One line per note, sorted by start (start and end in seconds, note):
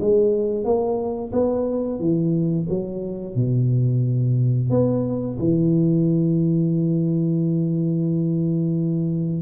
0.00 0.64 G#3
0.64 1.31 A#3
1.32 2.00 B3
2.00 2.67 E3
2.69 3.35 F#3
3.35 4.70 B2
4.70 5.37 B3
5.39 9.42 E3